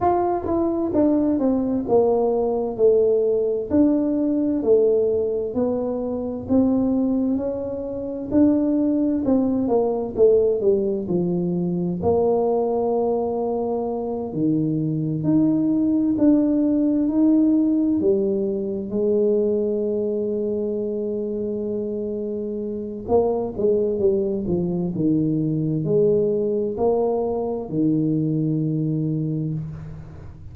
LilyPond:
\new Staff \with { instrumentName = "tuba" } { \time 4/4 \tempo 4 = 65 f'8 e'8 d'8 c'8 ais4 a4 | d'4 a4 b4 c'4 | cis'4 d'4 c'8 ais8 a8 g8 | f4 ais2~ ais8 dis8~ |
dis8 dis'4 d'4 dis'4 g8~ | g8 gis2.~ gis8~ | gis4 ais8 gis8 g8 f8 dis4 | gis4 ais4 dis2 | }